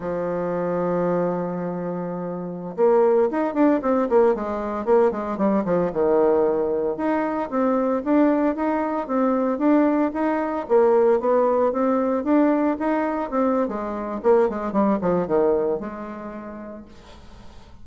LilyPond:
\new Staff \with { instrumentName = "bassoon" } { \time 4/4 \tempo 4 = 114 f1~ | f4~ f16 ais4 dis'8 d'8 c'8 ais16~ | ais16 gis4 ais8 gis8 g8 f8 dis8.~ | dis4~ dis16 dis'4 c'4 d'8.~ |
d'16 dis'4 c'4 d'4 dis'8.~ | dis'16 ais4 b4 c'4 d'8.~ | d'16 dis'4 c'8. gis4 ais8 gis8 | g8 f8 dis4 gis2 | }